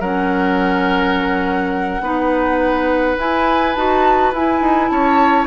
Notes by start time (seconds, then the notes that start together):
0.00 F#3 C#4 A#4 F#5
2.01 B3 D#4 B4
3.18 E4 G#5
3.75 D#4 F#4 A5
4.33 E4 G#5
4.61 D#4
4.89 C#4 C#5 A5